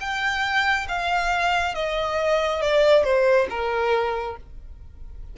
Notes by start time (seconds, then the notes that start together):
0.00 G5
0.88 F5
1.74 D#5
2.61 D5
3.04 C5
3.50 A#4